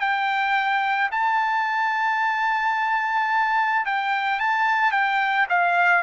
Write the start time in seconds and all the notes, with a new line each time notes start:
0.00 G5
1.11 A5
3.85 G5
4.40 A5
4.91 G5
5.49 F5